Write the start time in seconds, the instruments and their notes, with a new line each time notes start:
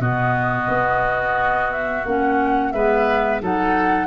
0.00 tuba B2, clarinet B3, oboe F#4, flute D#5
0.68 tuba B3
1.72 flute E5
2.05 tuba A#3, clarinet C#4, flute F#5
2.72 tuba G#3, clarinet B3, oboe B4, flute E5
3.41 tuba F#3, clarinet D#4, oboe A4, flute F#5